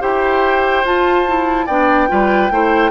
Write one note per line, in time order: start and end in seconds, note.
0.00 0.84 E4
0.00 0.83 G4
0.00 1.66 C5
0.00 0.85 G5
0.84 1.67 F4
0.84 1.26 F4
0.84 1.66 A5
1.27 1.68 E4
1.66 2.09 B3
1.66 2.07 D4
1.66 2.07 D5
1.66 2.91 G5
2.07 2.50 G3
2.07 2.49 F4
2.07 2.52 B4
2.50 2.91 A3
2.50 2.91 E4
2.50 2.91 C5